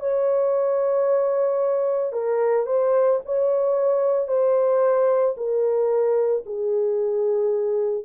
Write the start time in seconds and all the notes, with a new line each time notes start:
0.00 C#5
2.13 A#4
2.66 C5
3.25 C#5
4.28 C5
5.37 A#4
6.46 G#4